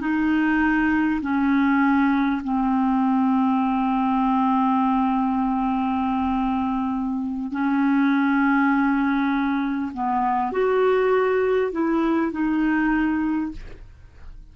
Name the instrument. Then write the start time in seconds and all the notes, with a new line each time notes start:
clarinet
0.00 D#4
1.22 C#4
2.43 C4
7.52 C#4
9.93 B3
10.52 F#4
11.72 E4
12.32 D#4